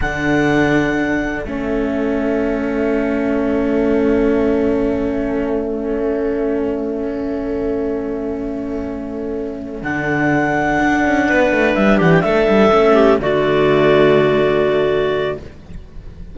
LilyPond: <<
  \new Staff \with { instrumentName = "clarinet" } { \time 4/4 \tempo 4 = 125 fis''2. e''4~ | e''1~ | e''1~ | e''1~ |
e''1~ | e''8 fis''2.~ fis''8~ | fis''8 e''8 fis''16 g''16 e''2 d''8~ | d''1 | }
  \new Staff \with { instrumentName = "clarinet" } { \time 4/4 a'1~ | a'1~ | a'1~ | a'1~ |
a'1~ | a'2.~ a'8 b'8~ | b'4 g'8 a'4. g'8 fis'8~ | fis'1 | }
  \new Staff \with { instrumentName = "cello" } { \time 4/4 d'2. cis'4~ | cis'1~ | cis'1~ | cis'1~ |
cis'1~ | cis'8 d'2.~ d'8~ | d'2~ d'8 cis'4 a8~ | a1 | }
  \new Staff \with { instrumentName = "cello" } { \time 4/4 d2. a4~ | a1~ | a1~ | a1~ |
a1~ | a8 d2 d'8 cis'8 b8 | a8 g8 e8 a8 g8 a4 d8~ | d1 | }
>>